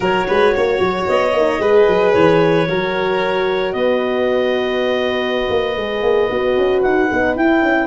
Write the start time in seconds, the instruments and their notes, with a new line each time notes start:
0.00 tuba F#3, horn F#4, violin A#4, clarinet C#5
0.27 tuba G#3, violin B4
0.56 tuba A#3, violin C#5
0.79 tuba F#3
1.07 tuba B3, clarinet D#5
1.33 tuba A#3, horn D#4
1.59 tuba G#3, horn G#4, violin B4
1.87 tuba F#3
2.12 tuba E3, clarinet C#5
2.68 tuba F#3, horn F#4, violin A#4
3.72 tuba B3, violin B4, clarinet D#5
5.49 tuba A#3
5.76 tuba G#3, horn G#4
6.02 tuba A#3
6.29 tuba B3, horn F#4
6.56 tuba C#4
6.81 tuba D#4, clarinet F#5
7.10 tuba B3, horn D#4
7.36 tuba E4, horn E4, clarinet G5
7.62 tuba C#4